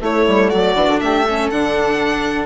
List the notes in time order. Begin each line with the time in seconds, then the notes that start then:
0.00 A3 E4 C#5
0.27 G3
0.48 F#3 F#4 D5
0.75 E3 D4
0.86 D3
0.99 A3 G4 E5
1.25 C#4 A4
1.50 D3 D4 F#5